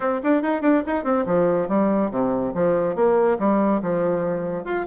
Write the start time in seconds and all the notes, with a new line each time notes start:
0.00 C4
0.23 D4
0.42 D#4
0.61 D4
0.86 D#4
1.04 C4
1.26 F3
1.68 G3
2.10 C3
2.54 F3
2.95 A#3
3.39 G3
3.81 F3
4.64 F4